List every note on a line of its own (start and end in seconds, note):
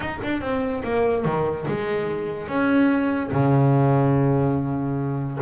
0.00 0.18 D#4
0.23 0.41 D4
0.41 0.82 C4
0.83 1.24 A#3
1.25 1.66 D#3
1.67 2.47 G#3
2.47 3.30 C#4
3.32 5.38 C#3